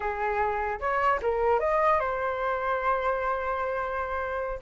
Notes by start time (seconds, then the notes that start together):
0.00 G#4
0.79 C#5
1.22 A#4
1.59 D#5
1.99 C5